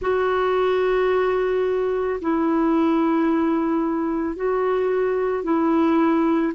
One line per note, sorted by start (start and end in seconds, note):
0.01 2.20 F#4
2.21 4.35 E4
4.35 5.43 F#4
5.43 6.52 E4